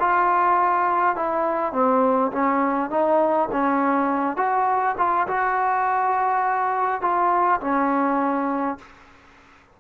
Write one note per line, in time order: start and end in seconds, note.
0.00 1.16 F4
1.16 1.73 E4
1.73 2.32 C4
2.32 2.90 C#4
2.90 3.49 D#4
3.52 4.37 C#4
4.37 4.95 F#4
4.98 5.27 F4
5.28 7.02 F#4
7.02 7.60 F4
7.61 8.78 C#4